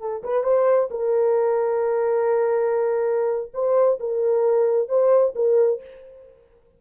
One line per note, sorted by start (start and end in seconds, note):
0.00 0.23 A4
0.23 0.43 B4
0.43 0.89 C5
0.90 3.52 A#4
3.54 3.99 C5
3.99 4.89 A#4
4.89 5.34 C5
5.35 5.81 A#4